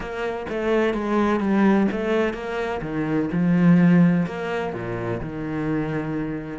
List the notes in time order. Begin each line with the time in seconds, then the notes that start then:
0.00 A#3
0.49 A3
0.94 G#3
1.40 G3
1.91 A3
2.33 A#3
2.81 D#3
3.32 F3
4.26 A#3
4.73 A#2
5.20 D#3